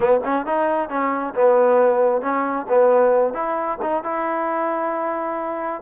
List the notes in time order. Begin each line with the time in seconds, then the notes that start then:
0.00 B3
0.24 C#4
0.45 D#4
0.89 C#4
1.34 B3
2.21 C#4
2.68 B3
3.33 E4
3.81 D#4
4.03 E4